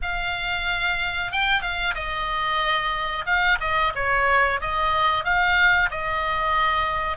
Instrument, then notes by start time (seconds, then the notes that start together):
oboe
0.01 F5
1.32 G5
1.61 F5
1.94 D#5
3.25 F5
3.60 D#5
3.95 C#5
4.61 D#5
5.24 F5
5.90 D#5